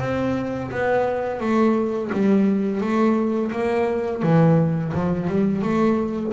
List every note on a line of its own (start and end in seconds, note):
0.00 0.71 C4
0.71 1.40 B3
1.40 2.11 A3
2.13 2.81 G3
2.81 3.52 A3
3.52 4.23 A#3
4.23 4.93 E3
4.94 5.28 F3
5.28 5.62 G3
5.62 6.33 A3